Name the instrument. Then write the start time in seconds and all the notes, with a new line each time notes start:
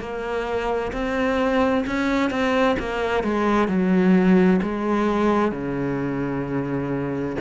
cello
0.00 A#3
0.93 C4
1.87 C#4
2.31 C4
2.79 A#3
3.23 G#3
3.68 F#3
4.62 G#3
5.52 C#3